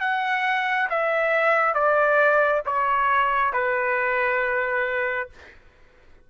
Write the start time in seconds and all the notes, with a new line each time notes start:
0.00 F#5
0.89 E5
1.74 D5
2.66 C#5
3.53 B4